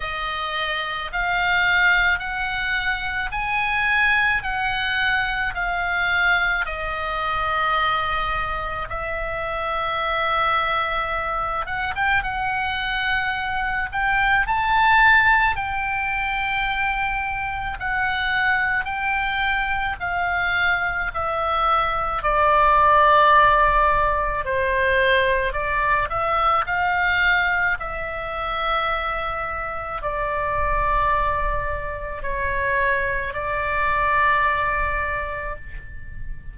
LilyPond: \new Staff \with { instrumentName = "oboe" } { \time 4/4 \tempo 4 = 54 dis''4 f''4 fis''4 gis''4 | fis''4 f''4 dis''2 | e''2~ e''8 fis''16 g''16 fis''4~ | fis''8 g''8 a''4 g''2 |
fis''4 g''4 f''4 e''4 | d''2 c''4 d''8 e''8 | f''4 e''2 d''4~ | d''4 cis''4 d''2 | }